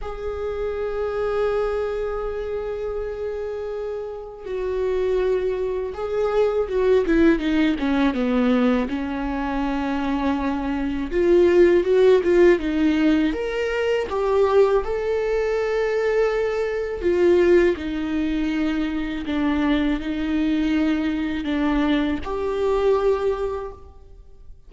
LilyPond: \new Staff \with { instrumentName = "viola" } { \time 4/4 \tempo 4 = 81 gis'1~ | gis'2 fis'2 | gis'4 fis'8 e'8 dis'8 cis'8 b4 | cis'2. f'4 |
fis'8 f'8 dis'4 ais'4 g'4 | a'2. f'4 | dis'2 d'4 dis'4~ | dis'4 d'4 g'2 | }